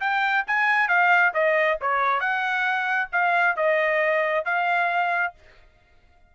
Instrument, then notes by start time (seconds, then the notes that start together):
trumpet
0.00 G5
0.47 G#5
0.88 F5
1.34 D#5
1.81 C#5
2.20 F#5
3.12 F5
3.56 D#5
4.45 F5